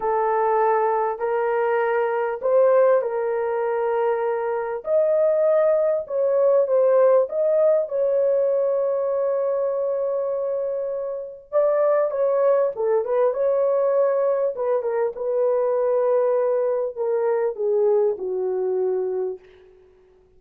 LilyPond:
\new Staff \with { instrumentName = "horn" } { \time 4/4 \tempo 4 = 99 a'2 ais'2 | c''4 ais'2. | dis''2 cis''4 c''4 | dis''4 cis''2.~ |
cis''2. d''4 | cis''4 a'8 b'8 cis''2 | b'8 ais'8 b'2. | ais'4 gis'4 fis'2 | }